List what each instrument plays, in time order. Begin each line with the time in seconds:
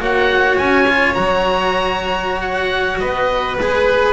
0.00 double bass A#3, cello F#4, violin C#5, oboe F#5
0.58 double bass C#4, oboe G#5
0.89 cello F4
1.15 double bass F#3, cello F#4, oboe A#5
2.42 oboe F#5
3.00 double bass B3, violin B4, oboe D#5
3.59 double bass G#3, cello G#4, oboe B4